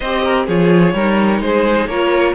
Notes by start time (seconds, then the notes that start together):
0.00 C4 G4 C5 D#5
0.24 A#4
0.46 F3 F4 G#4 C#5
0.93 G3 D#4 A#4
1.40 G#3 G#4 C5
1.86 A#3 F4 A#4 C#5